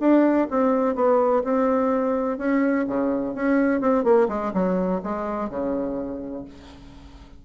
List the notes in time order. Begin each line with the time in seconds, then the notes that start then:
0.00 D4
0.50 C4
0.95 B3
1.44 C4
2.38 C#4
2.87 C#3
3.35 C#4
3.81 C4
4.04 A#3
4.28 G#3
4.54 F#3
5.03 G#3
5.50 C#3